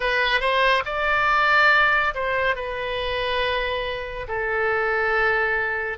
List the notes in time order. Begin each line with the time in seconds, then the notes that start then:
0.00 B4
0.40 C5
0.85 D5
2.14 C5
2.55 B4
4.27 A4